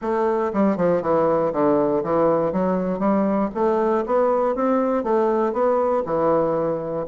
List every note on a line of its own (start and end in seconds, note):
0.01 0.52 A3
0.53 0.77 G3
0.77 1.02 F3
1.02 1.52 E3
1.52 2.03 D3
2.03 2.52 E3
2.52 2.99 F#3
2.99 3.49 G3
3.54 4.05 A3
4.06 4.55 B3
4.55 5.03 C4
5.03 5.53 A3
5.53 6.03 B3
6.05 7.06 E3